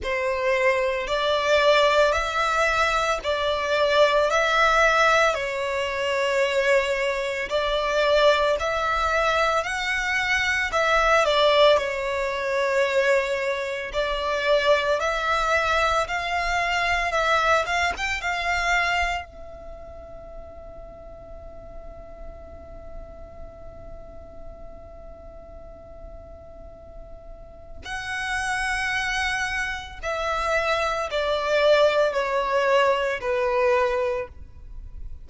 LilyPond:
\new Staff \with { instrumentName = "violin" } { \time 4/4 \tempo 4 = 56 c''4 d''4 e''4 d''4 | e''4 cis''2 d''4 | e''4 fis''4 e''8 d''8 cis''4~ | cis''4 d''4 e''4 f''4 |
e''8 f''16 g''16 f''4 e''2~ | e''1~ | e''2 fis''2 | e''4 d''4 cis''4 b'4 | }